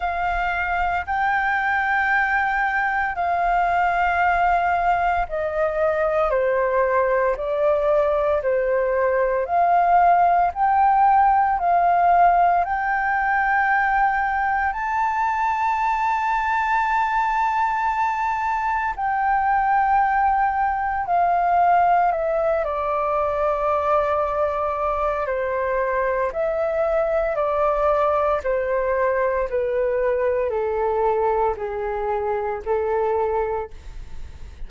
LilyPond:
\new Staff \with { instrumentName = "flute" } { \time 4/4 \tempo 4 = 57 f''4 g''2 f''4~ | f''4 dis''4 c''4 d''4 | c''4 f''4 g''4 f''4 | g''2 a''2~ |
a''2 g''2 | f''4 e''8 d''2~ d''8 | c''4 e''4 d''4 c''4 | b'4 a'4 gis'4 a'4 | }